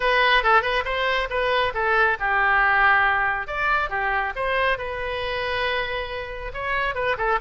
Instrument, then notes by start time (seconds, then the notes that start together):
oboe
0.00 B4
0.43 A4
0.61 B4
0.84 C5
1.29 B4
1.74 A4
2.19 G4
3.47 D5
3.89 G4
4.35 C5
4.78 B4
6.53 C#5
6.94 B4
7.17 A4